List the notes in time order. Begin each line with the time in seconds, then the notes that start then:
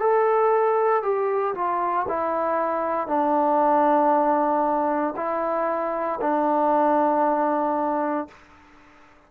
0.00 A4
1.03 G4
1.55 F4
2.09 E4
3.08 D4
5.16 E4
6.21 D4